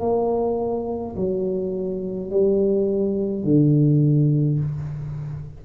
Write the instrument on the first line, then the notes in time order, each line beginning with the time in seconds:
tuba
0.00 A#3
1.15 F#3
2.30 G3
3.44 D3